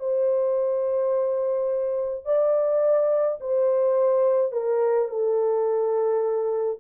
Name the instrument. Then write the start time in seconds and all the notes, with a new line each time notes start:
horn
0.00 C5
2.25 D5
3.41 C5
4.52 A#4
5.09 A4